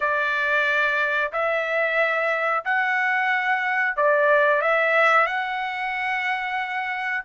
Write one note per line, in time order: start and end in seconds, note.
0.00 1.32 D5
1.32 2.64 E5
2.65 3.96 F#5
3.96 4.61 D5
4.61 5.26 E5
5.26 7.23 F#5